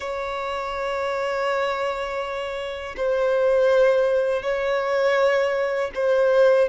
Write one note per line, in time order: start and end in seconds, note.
0.00 2.95 C#5
2.96 4.42 C5
4.42 5.90 C#5
5.94 6.68 C5